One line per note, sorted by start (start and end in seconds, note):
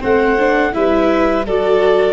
0.00 0.75 A3
0.00 0.36 C4
0.00 0.71 C5
0.00 0.74 F#5
0.39 0.72 D4
0.72 1.46 G3
0.72 1.44 E4
0.72 1.46 B4
0.72 1.45 E5
1.46 2.13 F#3
1.46 2.13 F#4
1.46 2.13 A4
1.46 2.13 D5